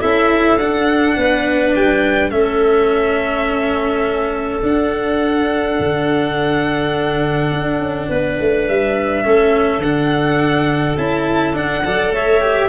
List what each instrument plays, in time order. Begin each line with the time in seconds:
0.00 tuba C#4, cello E4, clarinet A4, violin E5
0.58 tuba D4, cello D4, violin F#5
1.16 tuba B3, clarinet B4
1.75 tuba G3, violin G5
2.30 tuba A3, cello C#4, clarinet A4, violin E5
4.62 cello D4, tuba D4, violin F#5
5.79 tuba D3
7.52 tuba D4
7.79 tuba C#4
8.08 tuba B3, clarinet B4
8.40 tuba A3
8.67 tuba G3, violin E5
9.24 tuba A3, cello C#4, clarinet A4
9.78 tuba D3, cello D4, violin F#5
10.97 tuba C#4, cello E4, violin A5
11.53 cello D4, tuba D4, violin F#5
11.84 tuba F#3, cello A4, clarinet D5
12.10 tuba A3, clarinet C#5, violin E5
12.41 cello G4